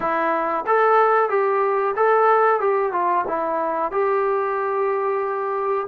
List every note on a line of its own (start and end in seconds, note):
0.00 0.65 E4
0.66 1.29 A4
1.29 1.94 G4
1.96 2.60 A4
2.60 2.92 G4
2.92 3.25 F4
3.27 3.91 E4
3.91 5.87 G4